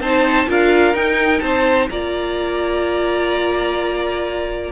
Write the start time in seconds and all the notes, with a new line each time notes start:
0.00 C4 D#4 C5 A5
0.47 D4 F4 A#4 F5
0.94 D#4 G5
1.40 C4 C5 A5
1.89 A#3 F4 D5 A#5